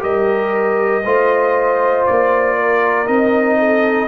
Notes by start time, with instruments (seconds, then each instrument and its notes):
0.00 tuba G3, trombone G4, horn A#4, trumpet D#5
1.04 tuba A3, trombone F4, horn C5
2.07 tuba A#3, trumpet D5
2.57 horn A#4
3.07 tuba C4, trombone D#4, trumpet D#5
3.59 horn A4